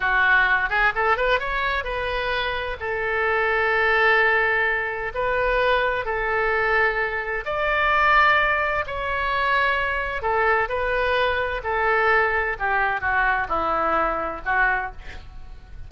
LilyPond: \new Staff \with { instrumentName = "oboe" } { \time 4/4 \tempo 4 = 129 fis'4. gis'8 a'8 b'8 cis''4 | b'2 a'2~ | a'2. b'4~ | b'4 a'2. |
d''2. cis''4~ | cis''2 a'4 b'4~ | b'4 a'2 g'4 | fis'4 e'2 fis'4 | }